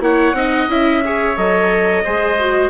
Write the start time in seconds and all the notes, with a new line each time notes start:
0.00 A#3 E4 C#5 F#5
0.33 C4 D#4 D#5
0.69 C#4 E4 E5
1.04 G#4 C#5
1.37 F#3 A4 D#5
2.04 G#3 G#4 C5
2.39 F#4